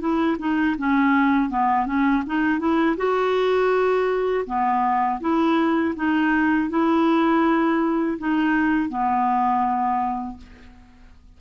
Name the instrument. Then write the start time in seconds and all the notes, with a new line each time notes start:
clarinet
0.00 E4
0.39 D#4
0.78 C#4
1.50 B3
1.86 C#4
2.27 D#4
2.59 E4
2.97 F#4
4.46 B3
5.21 E4
5.96 D#4
6.70 E4
8.19 D#4
8.89 B3